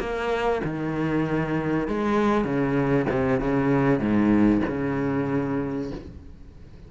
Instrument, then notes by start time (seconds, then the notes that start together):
cello
0.00 A#3
0.64 D#3
1.88 G#3
2.44 C#3
3.10 C3
3.40 C#3
4.00 G#2
4.68 C#3